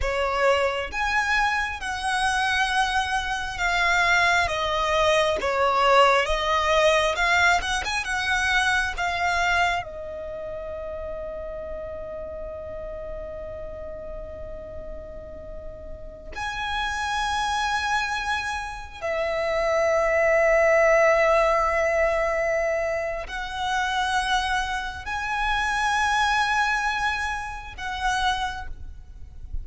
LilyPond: \new Staff \with { instrumentName = "violin" } { \time 4/4 \tempo 4 = 67 cis''4 gis''4 fis''2 | f''4 dis''4 cis''4 dis''4 | f''8 fis''16 gis''16 fis''4 f''4 dis''4~ | dis''1~ |
dis''2~ dis''16 gis''4.~ gis''16~ | gis''4~ gis''16 e''2~ e''8.~ | e''2 fis''2 | gis''2. fis''4 | }